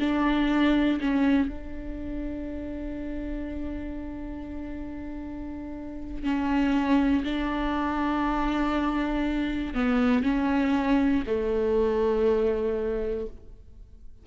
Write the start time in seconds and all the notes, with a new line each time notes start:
0.00 D4
1.00 C#4
1.48 D4
6.23 C#4
7.24 D4
9.75 B3
10.23 C#4
11.27 A3